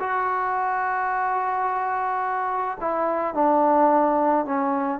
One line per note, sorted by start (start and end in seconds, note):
0.00 2.78 F#4
2.81 3.34 E4
3.34 4.45 D4
4.45 4.99 C#4